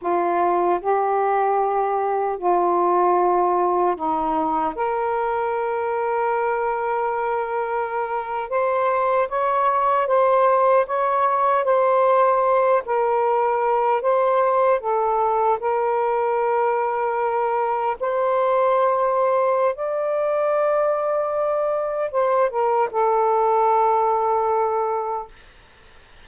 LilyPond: \new Staff \with { instrumentName = "saxophone" } { \time 4/4 \tempo 4 = 76 f'4 g'2 f'4~ | f'4 dis'4 ais'2~ | ais'2~ ais'8. c''4 cis''16~ | cis''8. c''4 cis''4 c''4~ c''16~ |
c''16 ais'4. c''4 a'4 ais'16~ | ais'2~ ais'8. c''4~ c''16~ | c''4 d''2. | c''8 ais'8 a'2. | }